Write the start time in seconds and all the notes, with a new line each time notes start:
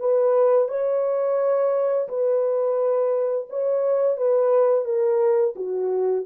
0.00 B4
0.69 C#5
2.09 B4
3.50 C#5
4.17 B4
4.85 A#4
5.56 F#4